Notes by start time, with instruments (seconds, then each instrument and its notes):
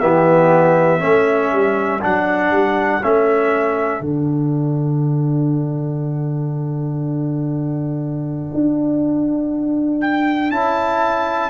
0.00 tuba E3, trombone B3, horn G4, trumpet E5
1.00 tuba A3, trombone C#4, horn A4
1.52 tuba G3
2.01 tuba F#3, trombone D4, trumpet F#5
2.51 tuba G3
3.03 tuba A3, trombone C#4, trumpet E5
4.01 tuba D3, trombone D4, trumpet F#5
8.54 tuba D4
10.01 trumpet G5
10.51 tuba C#4, trombone E4, trumpet A5